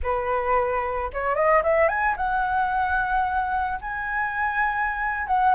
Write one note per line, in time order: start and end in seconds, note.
0.02 1.10 B4
1.13 1.35 C#5
1.35 1.62 D#5
1.63 1.88 E5
1.88 2.15 G#5
2.16 3.79 F#5
3.81 5.27 G#5
5.27 5.54 F#5